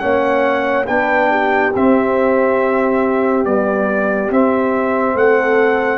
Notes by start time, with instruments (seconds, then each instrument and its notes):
0.00 tuba A#3, trombone C#4, horn C#5, trumpet F#5
0.87 tuba B3, trombone D4, horn B4, trumpet G5
1.31 horn G4
1.76 tuba C4, trombone C4, trumpet E5
3.45 trombone G3, tuba B3, trumpet D5
4.31 trombone C4, tuba C4, trumpet E5
5.15 tuba A3, horn A4, trumpet F#5